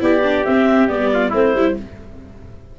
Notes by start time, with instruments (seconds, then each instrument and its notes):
0.00 tuba B3, viola E4, trumpet G4, clarinet D5
0.23 viola D4
0.45 tuba C4, viola C4, clarinet E5
0.88 tuba G3, viola B3, clarinet D5
1.13 trumpet F4
1.30 tuba A3, viola C4, trumpet E4, clarinet C5
1.54 tuba G3, viola E4